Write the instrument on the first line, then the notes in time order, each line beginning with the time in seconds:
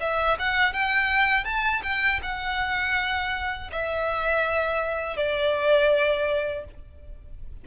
violin
0.00 E5
0.39 F#5
0.73 G5
1.44 A5
1.83 G5
2.22 F#5
3.71 E5
5.16 D5